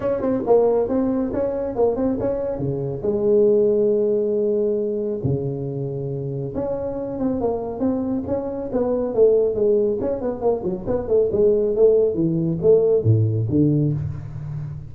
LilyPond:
\new Staff \with { instrumentName = "tuba" } { \time 4/4 \tempo 4 = 138 cis'8 c'8 ais4 c'4 cis'4 | ais8 c'8 cis'4 cis4 gis4~ | gis1 | cis2. cis'4~ |
cis'8 c'8 ais4 c'4 cis'4 | b4 a4 gis4 cis'8 b8 | ais8 fis8 b8 a8 gis4 a4 | e4 a4 a,4 d4 | }